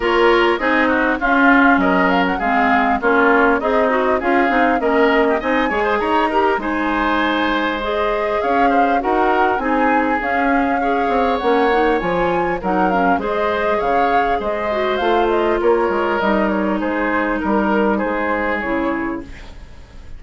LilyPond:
<<
  \new Staff \with { instrumentName = "flute" } { \time 4/4 \tempo 4 = 100 cis''4 dis''4 f''4 dis''8 f''16 fis''16 | f''4 cis''4 dis''4 f''4 | dis''4 gis''4 ais''4 gis''4~ | gis''4 dis''4 f''4 fis''4 |
gis''4 f''2 fis''4 | gis''4 fis''8 f''8 dis''4 f''4 | dis''4 f''8 dis''8 cis''4 dis''8 cis''8 | c''4 ais'4 c''4 cis''4 | }
  \new Staff \with { instrumentName = "oboe" } { \time 4/4 ais'4 gis'8 fis'8 f'4 ais'4 | gis'4 f'4 dis'4 gis'4 | ais'8. g'16 dis''8 cis''16 c''16 cis''8 ais'8 c''4~ | c''2 cis''8 c''8 ais'4 |
gis'2 cis''2~ | cis''4 ais'4 c''4 cis''4 | c''2 ais'2 | gis'4 ais'4 gis'2 | }
  \new Staff \with { instrumentName = "clarinet" } { \time 4/4 f'4 dis'4 cis'2 | c'4 cis'4 gis'8 fis'8 f'8 dis'8 | cis'4 dis'8 gis'4 g'8 dis'4~ | dis'4 gis'2 fis'4 |
dis'4 cis'4 gis'4 cis'8 dis'8 | f'4 dis'8 cis'8 gis'2~ | gis'8 fis'8 f'2 dis'4~ | dis'2. e'4 | }
  \new Staff \with { instrumentName = "bassoon" } { \time 4/4 ais4 c'4 cis'4 fis4 | gis4 ais4 c'4 cis'8 c'8 | ais4 c'8 gis8 dis'4 gis4~ | gis2 cis'4 dis'4 |
c'4 cis'4. c'8 ais4 | f4 fis4 gis4 cis4 | gis4 a4 ais8 gis8 g4 | gis4 g4 gis4 cis4 | }
>>